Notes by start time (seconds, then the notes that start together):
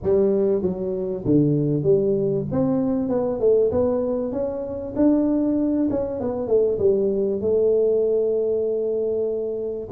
0.02 G3
0.62 F#3
1.25 D3
1.83 G3
2.51 C4
3.08 B3
3.39 A3
3.71 B3
4.32 C#4
4.96 D4
5.90 C#4
6.20 B3
6.47 A3
6.78 G3
7.41 A3